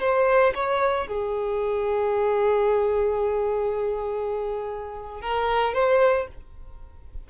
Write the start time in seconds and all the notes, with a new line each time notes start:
0.00 C5
0.55 C#5
1.08 G#4
5.22 A#4
5.74 C5